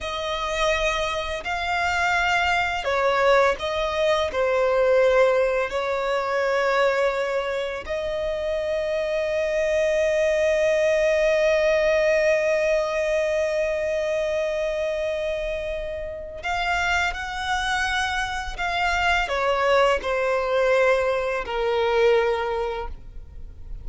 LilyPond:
\new Staff \with { instrumentName = "violin" } { \time 4/4 \tempo 4 = 84 dis''2 f''2 | cis''4 dis''4 c''2 | cis''2. dis''4~ | dis''1~ |
dis''1~ | dis''2. f''4 | fis''2 f''4 cis''4 | c''2 ais'2 | }